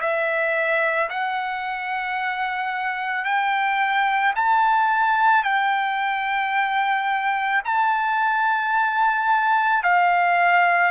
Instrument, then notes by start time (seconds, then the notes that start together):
trumpet
0.00 E5
1.10 F#5
3.25 G5
4.36 A5
5.44 G5
7.65 A5
9.83 F5